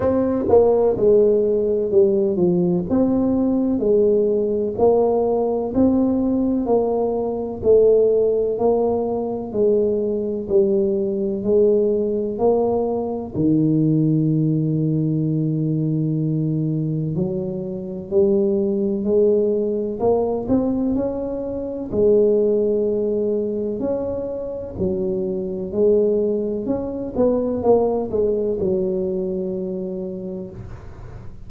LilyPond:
\new Staff \with { instrumentName = "tuba" } { \time 4/4 \tempo 4 = 63 c'8 ais8 gis4 g8 f8 c'4 | gis4 ais4 c'4 ais4 | a4 ais4 gis4 g4 | gis4 ais4 dis2~ |
dis2 fis4 g4 | gis4 ais8 c'8 cis'4 gis4~ | gis4 cis'4 fis4 gis4 | cis'8 b8 ais8 gis8 fis2 | }